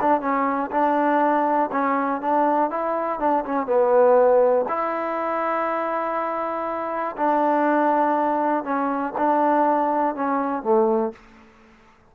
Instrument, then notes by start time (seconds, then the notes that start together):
trombone
0.00 D4
0.20 C#4
0.71 D4
1.71 C#4
2.21 D4
2.70 E4
3.19 D4
3.45 C#4
3.66 B3
4.68 E4
7.17 D4
8.64 C#4
9.17 D4
10.15 C#4
10.62 A3